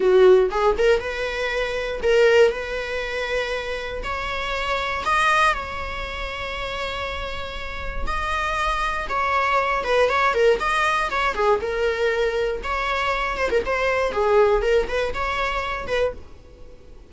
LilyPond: \new Staff \with { instrumentName = "viola" } { \time 4/4 \tempo 4 = 119 fis'4 gis'8 ais'8 b'2 | ais'4 b'2. | cis''2 dis''4 cis''4~ | cis''1 |
dis''2 cis''4. b'8 | cis''8 ais'8 dis''4 cis''8 gis'8 ais'4~ | ais'4 cis''4. c''16 ais'16 c''4 | gis'4 ais'8 b'8 cis''4. b'8 | }